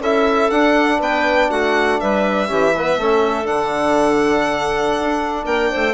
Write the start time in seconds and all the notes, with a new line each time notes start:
0.00 C#4 E4 A4 E5
0.51 D4 F#5
0.99 B3 B4 G5
1.50 A3 F#4 F#5
2.00 G3 B4 E5
2.48 E3 C#4 G4
2.75 B3 B4
2.98 A3 C#4 A4
3.45 D3 D4 F#5
5.01 D4
5.45 A#3 A#4 G5
5.70 A3 C5